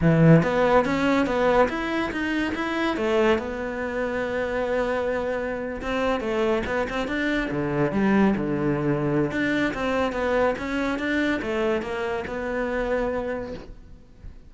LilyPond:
\new Staff \with { instrumentName = "cello" } { \time 4/4 \tempo 4 = 142 e4 b4 cis'4 b4 | e'4 dis'4 e'4 a4 | b1~ | b4.~ b16 c'4 a4 b16~ |
b16 c'8 d'4 d4 g4 d16~ | d2 d'4 c'4 | b4 cis'4 d'4 a4 | ais4 b2. | }